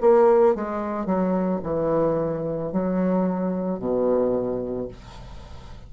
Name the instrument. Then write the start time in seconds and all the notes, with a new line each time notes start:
bassoon
0.00 A#3
0.55 G#3
1.05 F#3
1.63 E3
2.72 F#3
3.78 B2